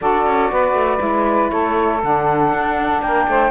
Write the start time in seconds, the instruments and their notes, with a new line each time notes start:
0.01 cello D4, saxophone F#4 A4, flute D5
0.26 cello C#4
0.51 cello B3, saxophone B4
0.73 cello A3
0.97 cello G#3, saxophone E4
1.49 cello A3, saxophone A4, flute C#5
2.02 cello D3, saxophone D4, flute F#5
2.53 cello D4
3.02 cello A#3, saxophone A#4, flute G5
3.27 cello A3, saxophone C5